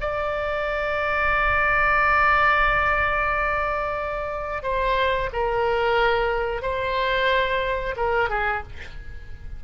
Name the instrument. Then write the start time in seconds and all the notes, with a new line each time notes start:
oboe
0.00 D5
4.62 C5
5.32 A#4
6.62 C5
7.96 A#4
8.29 G#4